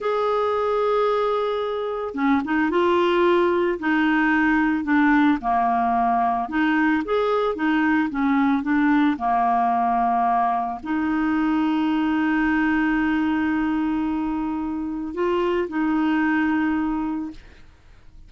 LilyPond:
\new Staff \with { instrumentName = "clarinet" } { \time 4/4 \tempo 4 = 111 gis'1 | cis'8 dis'8 f'2 dis'4~ | dis'4 d'4 ais2 | dis'4 gis'4 dis'4 cis'4 |
d'4 ais2. | dis'1~ | dis'1 | f'4 dis'2. | }